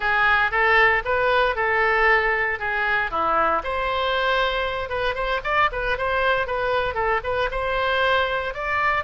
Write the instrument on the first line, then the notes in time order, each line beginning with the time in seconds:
oboe
0.00 G#4
0.51 A4
1.04 B4
1.55 A4
2.59 G#4
3.10 E4
3.63 C5
4.89 B4
5.14 C5
5.44 D5
5.72 B4
5.97 C5
6.47 B4
6.94 A4
7.23 B4
7.51 C5
8.53 D5